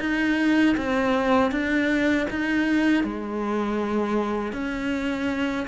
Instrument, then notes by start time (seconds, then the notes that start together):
cello
0.00 D#4
0.77 C4
1.51 D4
2.30 D#4
3.04 G#3
4.53 C#4